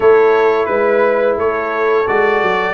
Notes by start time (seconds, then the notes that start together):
0.00 A3 E4 A4 C#5
0.65 G#3 B4
1.37 A3 A4 C#5
2.07 G#3 F#4 D5
2.42 F#3